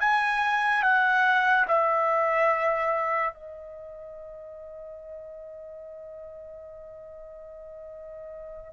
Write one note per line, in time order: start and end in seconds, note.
0.00 0.83 G#5
0.83 1.66 F#5
1.68 3.34 E5
3.34 8.73 D#5